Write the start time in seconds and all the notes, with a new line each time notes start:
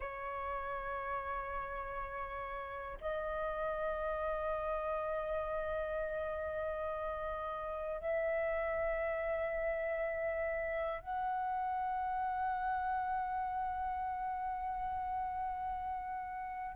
0.00 C#5
3.00 D#5
8.00 E5
11.00 F#5